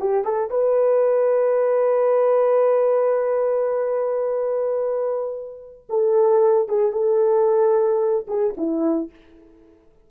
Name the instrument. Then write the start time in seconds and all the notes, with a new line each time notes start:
horn
0.00 G4
0.25 A4
0.51 B4
5.90 A4
6.69 G#4
6.92 A4
8.28 G#4
8.57 E4